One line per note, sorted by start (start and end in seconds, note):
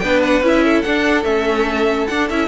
0.00 0.41 B3
0.00 0.43 D4
0.00 0.64 B4
0.00 0.21 G5
0.23 0.44 F#5
0.41 0.83 C#4
0.41 0.85 E4
0.48 0.82 E5
0.64 2.48 A4
0.82 1.25 D4
0.82 1.24 D4
0.82 1.24 F#5
1.24 2.07 A3
1.24 2.08 C#4
1.24 2.07 E5
2.07 2.30 D4
2.07 2.31 D4
2.07 2.28 F#5
2.30 2.48 C#4
2.30 2.48 E4
2.30 2.48 E5